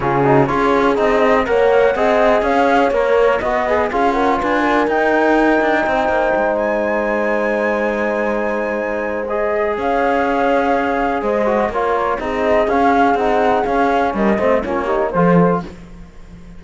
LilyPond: <<
  \new Staff \with { instrumentName = "flute" } { \time 4/4 \tempo 4 = 123 gis'4 cis''4 dis''4 fis''4~ | fis''4 f''4 cis''4 dis''4 | f''8 fis''8 gis''4 g''2~ | g''4. gis''2~ gis''8~ |
gis''2. dis''4 | f''2. dis''4 | cis''4 dis''4 f''4 fis''4 | f''4 dis''4 cis''4 c''4 | }
  \new Staff \with { instrumentName = "horn" } { \time 4/4 f'8 fis'8 gis'2 cis''4 | dis''4 cis''2 b'4 | gis'8 ais'8 b'8 ais'2~ ais'8 | c''1~ |
c''1 | cis''2. c''4 | ais'4 gis'2.~ | gis'4 ais'8 c''8 f'8 g'8 a'4 | }
  \new Staff \with { instrumentName = "trombone" } { \time 4/4 cis'8 dis'8 f'4 dis'4 ais'4 | gis'2 ais'4 fis'8 gis'8 | f'2 dis'2~ | dis'1~ |
dis'2. gis'4~ | gis'2.~ gis'8 fis'8 | f'4 dis'4 cis'4 dis'4 | cis'4. c'8 cis'8 dis'8 f'4 | }
  \new Staff \with { instrumentName = "cello" } { \time 4/4 cis4 cis'4 c'4 ais4 | c'4 cis'4 ais4 b4 | cis'4 d'4 dis'4. d'8 | c'8 ais8 gis2.~ |
gis1 | cis'2. gis4 | ais4 c'4 cis'4 c'4 | cis'4 g8 a8 ais4 f4 | }
>>